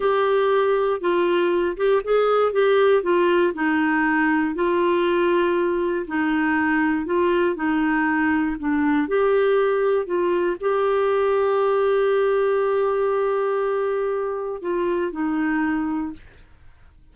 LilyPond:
\new Staff \with { instrumentName = "clarinet" } { \time 4/4 \tempo 4 = 119 g'2 f'4. g'8 | gis'4 g'4 f'4 dis'4~ | dis'4 f'2. | dis'2 f'4 dis'4~ |
dis'4 d'4 g'2 | f'4 g'2.~ | g'1~ | g'4 f'4 dis'2 | }